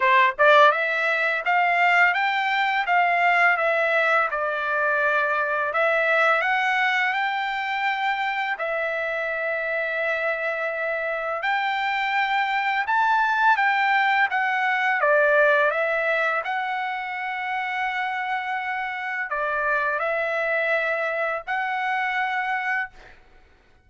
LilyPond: \new Staff \with { instrumentName = "trumpet" } { \time 4/4 \tempo 4 = 84 c''8 d''8 e''4 f''4 g''4 | f''4 e''4 d''2 | e''4 fis''4 g''2 | e''1 |
g''2 a''4 g''4 | fis''4 d''4 e''4 fis''4~ | fis''2. d''4 | e''2 fis''2 | }